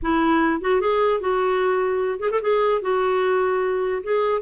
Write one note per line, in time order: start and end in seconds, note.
0.02 0.61 E4
0.61 0.80 F#4
0.80 1.20 G#4
1.20 2.19 F#4
2.19 2.29 G#4
2.30 2.41 A4
2.41 2.81 G#4
2.81 4.02 F#4
4.03 4.41 G#4